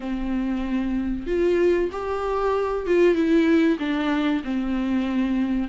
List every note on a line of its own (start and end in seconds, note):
0.00 1.26 C4
1.26 1.89 F4
1.92 2.86 G4
2.86 3.14 F4
3.14 3.77 E4
3.79 4.42 D4
4.44 5.68 C4